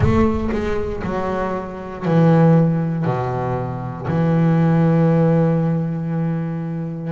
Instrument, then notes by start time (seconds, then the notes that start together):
double bass
0.00 A3
0.51 G#3
1.04 F#3
2.05 E3
3.05 B2
4.07 E3